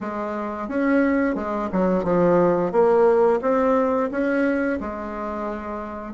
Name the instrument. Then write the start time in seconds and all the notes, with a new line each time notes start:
bassoon
0.00 G#3
0.68 C#4
1.35 G#3
1.72 F#3
2.04 F3
2.71 A#3
3.41 C4
4.11 C#4
4.80 G#3